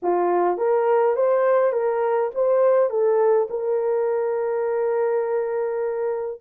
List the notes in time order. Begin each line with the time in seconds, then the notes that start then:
0.02 F4
0.57 A#4
1.16 C5
1.72 A#4
2.35 C5
2.89 A4
3.50 A#4